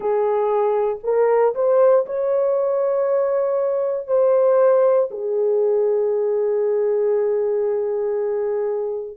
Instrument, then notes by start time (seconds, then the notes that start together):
horn
0.00 G#4
1.03 A#4
1.54 C5
2.06 C#5
4.07 C5
5.11 G#4